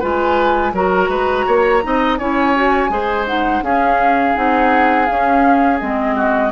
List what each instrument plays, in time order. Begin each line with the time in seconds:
0.00 bassoon G#3, clarinet F4, oboe B4, flute G#5
0.73 bassoon F#3, clarinet F#4, oboe A#4, flute A#5
1.08 bassoon G#3, oboe B4
1.47 bassoon A#3, oboe C#5
1.83 bassoon C4, clarinet D#4, oboe D#5
2.18 bassoon C#4, clarinet E4, oboe C#5, flute G#5
2.56 clarinet F#4
2.90 bassoon G#3, clarinet G#4, oboe C5
3.27 clarinet D#4, flute F#5
3.63 bassoon C#4, clarinet C#4, oboe G#4, flute F5
4.35 bassoon C4, clarinet D#4, flute F#5
5.06 bassoon C#4, clarinet C#4, flute F5
5.80 bassoon G#3, clarinet C4, flute D#5
6.16 oboe F#4